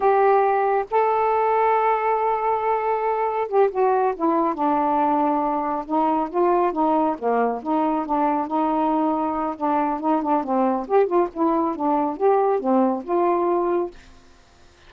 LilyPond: \new Staff \with { instrumentName = "saxophone" } { \time 4/4 \tempo 4 = 138 g'2 a'2~ | a'1 | g'8 fis'4 e'4 d'4.~ | d'4. dis'4 f'4 dis'8~ |
dis'8 ais4 dis'4 d'4 dis'8~ | dis'2 d'4 dis'8 d'8 | c'4 g'8 f'8 e'4 d'4 | g'4 c'4 f'2 | }